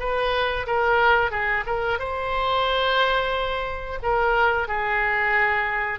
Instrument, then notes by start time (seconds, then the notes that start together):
oboe
0.00 B4
0.67 A#4
1.31 G#4
1.67 A#4
1.99 C5
4.03 A#4
4.68 G#4